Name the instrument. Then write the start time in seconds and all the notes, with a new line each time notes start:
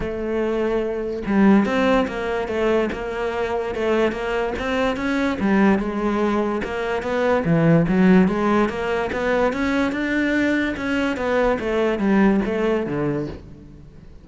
cello
0.00 A3
1.26 G3
1.65 C4
2.07 A#3
2.48 A3
2.92 A#3
3.74 A3
4.12 A#3
4.58 C4
4.96 C#4
5.40 G3
5.79 G#3
6.63 A#3
7.02 B3
7.44 E3
7.87 F#3
8.28 G#3
8.69 A#3
9.12 B3
9.52 C#4
9.92 D4
10.76 C#4
11.16 B3
11.59 A3
11.98 G3
12.45 A3
12.86 D3